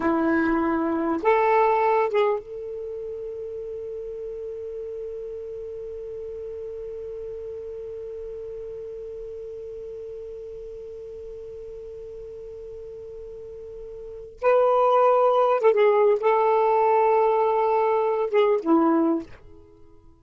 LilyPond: \new Staff \with { instrumentName = "saxophone" } { \time 4/4 \tempo 4 = 100 e'2 a'4. gis'8 | a'1~ | a'1~ | a'1~ |
a'1~ | a'1 | b'2 a'16 gis'8. a'4~ | a'2~ a'8 gis'8 e'4 | }